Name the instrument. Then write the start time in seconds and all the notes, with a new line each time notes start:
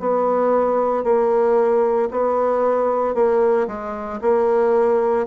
bassoon
0.00 B3
1.04 A#3
2.11 B3
3.15 A#3
3.67 G#3
4.22 A#3